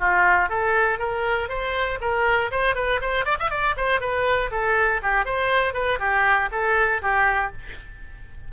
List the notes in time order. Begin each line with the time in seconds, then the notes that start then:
0.00 F4
0.50 A4
1.00 A#4
1.50 C5
2.01 A#4
2.52 C5
2.76 B4
3.02 C5
3.26 D5
3.40 E5
3.51 D5
3.77 C5
4.01 B4
4.52 A4
5.03 G4
5.26 C5
5.74 B4
6.00 G4
6.52 A4
7.02 G4